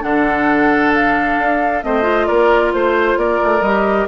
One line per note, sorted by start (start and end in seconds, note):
0.00 1.38 D3
0.00 1.80 D4
0.00 1.85 A4
0.00 0.92 F#5
0.94 1.83 F5
1.38 1.83 D4
1.81 2.29 A3
1.81 2.02 C4
1.81 2.27 C5
1.81 2.27 D#5
2.02 3.60 F4
2.27 2.74 A#3
2.27 2.72 A#4
2.27 2.72 D5
2.74 3.17 A3
2.74 3.18 C5
2.74 3.19 C5
3.17 3.39 A#3
3.17 4.08 A#4
3.17 3.62 D5
3.43 3.61 A3
3.61 4.06 G3
3.61 4.08 G4
3.61 4.08 D#5